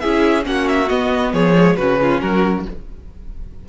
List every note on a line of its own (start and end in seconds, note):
0.00 0.46 C#4
0.00 0.43 E4
0.00 0.46 G#4
0.00 0.44 E5
0.43 0.90 A#3
0.43 0.87 C#4
0.43 1.33 F#4
0.43 0.68 F#5
0.68 0.89 E5
0.89 1.33 B3
0.89 1.55 B3
0.89 1.33 D#5
1.33 1.77 F3
1.33 1.77 G#4
1.33 1.77 C#5
1.55 1.77 G#3
1.77 2.21 C#3
1.77 2.69 C#4
1.77 2.00 F#4
1.77 2.20 B4
2.02 2.23 F4
2.21 2.66 F#3
2.21 2.66 F#4
2.21 2.65 A#4